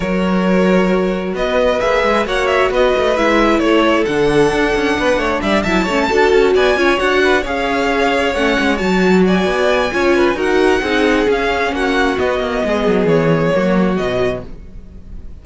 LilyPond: <<
  \new Staff \with { instrumentName = "violin" } { \time 4/4 \tempo 4 = 133 cis''2. dis''4 | e''4 fis''8 e''8 dis''4 e''4 | cis''4 fis''2. | e''8 a''2 gis''4 fis''8~ |
fis''8 f''2 fis''4 a''8~ | a''8 gis''2~ gis''8 fis''4~ | fis''4 f''4 fis''4 dis''4~ | dis''4 cis''2 dis''4 | }
  \new Staff \with { instrumentName = "violin" } { \time 4/4 ais'2. b'4~ | b'4 cis''4 b'2 | a'2. b'8 cis''8 | d''8 e''8 cis''8 a'4 d''8 cis''4 |
b'8 cis''2.~ cis''8~ | cis''8 d''4. cis''8 b'8 ais'4 | gis'2 fis'2 | gis'2 fis'2 | }
  \new Staff \with { instrumentName = "viola" } { \time 4/4 fis'1 | gis'4 fis'2 e'4~ | e'4 d'2.~ | d'8 e'8 cis'8 fis'4. f'8 fis'8~ |
fis'8 gis'2 cis'4 fis'8~ | fis'2 f'4 fis'4 | dis'4 cis'2 b4~ | b2 ais4 fis4 | }
  \new Staff \with { instrumentName = "cello" } { \time 4/4 fis2. b4 | ais8 gis8 ais4 b8 a8 gis4 | a4 d4 d'8 cis'8 b8 a8 | g8 fis8 a8 d'8 cis'8 b8 cis'8 d'8~ |
d'8 cis'2 a8 gis8 fis8~ | fis4 b4 cis'4 dis'4 | c'4 cis'4 ais4 b8 ais8 | gis8 fis8 e4 fis4 b,4 | }
>>